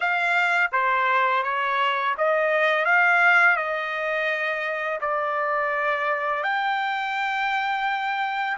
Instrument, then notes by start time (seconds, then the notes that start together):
trumpet
0.00 F5
0.72 C5
1.43 C#5
2.17 D#5
2.85 F5
3.56 D#5
5.00 D5
6.43 G5